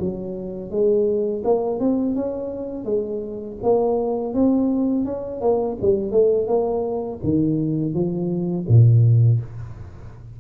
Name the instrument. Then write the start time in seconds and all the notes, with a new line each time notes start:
tuba
0.00 F#3
0.71 G#3
1.45 A#3
1.80 C4
2.16 C#4
2.85 G#3
3.63 A#3
4.34 C4
5.05 C#4
5.41 A#3
5.82 G3
6.12 A3
6.48 A#3
7.24 D#3
7.94 F3
8.68 A#2